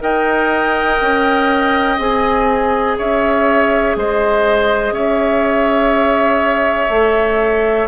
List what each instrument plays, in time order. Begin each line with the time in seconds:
0.00 bassoon D#4, clarinet A#4, oboe D#5, flute G5
1.01 bassoon C#4
1.98 bassoon C4, clarinet G#4, flute G#5
2.97 bassoon C#4, oboe C#5, flute E5
3.96 bassoon G#3, oboe C5, flute D#5
4.92 bassoon C#4, oboe C#5, flute E5
6.89 bassoon A3, clarinet A4